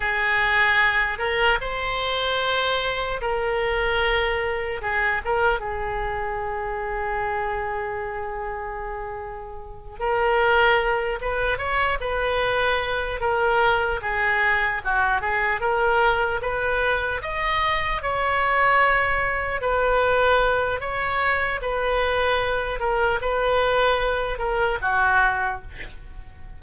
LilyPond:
\new Staff \with { instrumentName = "oboe" } { \time 4/4 \tempo 4 = 75 gis'4. ais'8 c''2 | ais'2 gis'8 ais'8 gis'4~ | gis'1~ | gis'8 ais'4. b'8 cis''8 b'4~ |
b'8 ais'4 gis'4 fis'8 gis'8 ais'8~ | ais'8 b'4 dis''4 cis''4.~ | cis''8 b'4. cis''4 b'4~ | b'8 ais'8 b'4. ais'8 fis'4 | }